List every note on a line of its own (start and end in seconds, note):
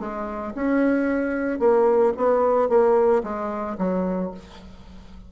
0.00 0.54 G#3
0.56 1.60 C#4
1.60 2.13 A#3
2.17 2.69 B3
2.69 3.23 A#3
3.24 3.77 G#3
3.78 4.32 F#3